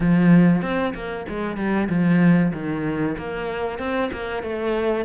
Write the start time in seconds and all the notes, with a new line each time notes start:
0.00 F3
0.61 C4
0.94 A#3
1.29 G#3
1.56 G3
1.89 F3
2.53 D#3
3.17 A#3
3.79 C4
4.12 A#3
4.42 A3